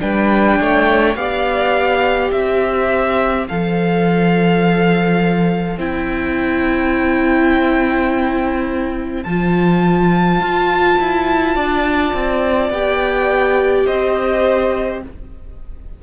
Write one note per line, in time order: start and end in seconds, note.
0.00 0.60 G3
0.00 1.15 D4
0.00 0.60 B4
0.00 1.16 G5
0.60 1.16 A3
0.60 1.18 C#5
1.16 2.31 B3
1.16 3.47 G4
1.16 2.33 D5
1.16 2.31 F5
2.32 3.48 C4
2.32 11.56 C5
2.32 3.48 E5
3.48 5.78 F3
3.48 5.79 A4
3.48 5.79 F5
5.78 9.24 C4
5.78 9.25 E4
5.78 9.24 G5
9.24 10.40 F3
9.24 12.72 F4
9.24 12.70 A5
10.40 10.98 F4
11.00 11.56 E4
11.56 12.14 D4
11.56 13.86 D5
12.14 12.70 C4
12.70 13.85 B3
12.70 15.03 G4
12.70 13.87 G5
13.86 15.03 C4
13.86 15.01 C5
13.86 15.02 D#5